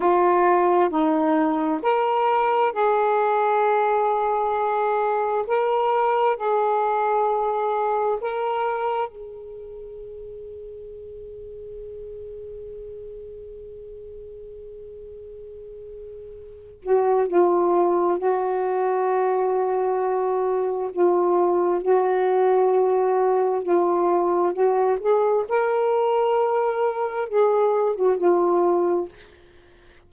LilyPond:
\new Staff \with { instrumentName = "saxophone" } { \time 4/4 \tempo 4 = 66 f'4 dis'4 ais'4 gis'4~ | gis'2 ais'4 gis'4~ | gis'4 ais'4 gis'2~ | gis'1~ |
gis'2~ gis'8 fis'8 f'4 | fis'2. f'4 | fis'2 f'4 fis'8 gis'8 | ais'2 gis'8. fis'16 f'4 | }